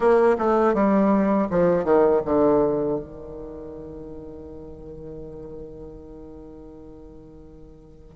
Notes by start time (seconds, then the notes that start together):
0.00 A#3
0.38 A3
0.73 G3
1.50 F3
1.84 D#3
2.25 D3
2.99 D#3